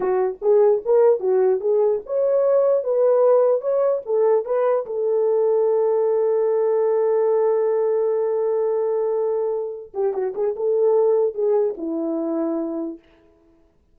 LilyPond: \new Staff \with { instrumentName = "horn" } { \time 4/4 \tempo 4 = 148 fis'4 gis'4 ais'4 fis'4 | gis'4 cis''2 b'4~ | b'4 cis''4 a'4 b'4 | a'1~ |
a'1~ | a'1~ | a'8 g'8 fis'8 gis'8 a'2 | gis'4 e'2. | }